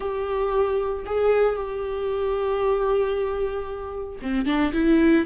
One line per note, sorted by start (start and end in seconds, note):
0.00 1.05 G4
1.06 1.55 G#4
1.55 4.18 G4
4.22 4.45 C4
4.45 4.72 D4
4.73 5.26 E4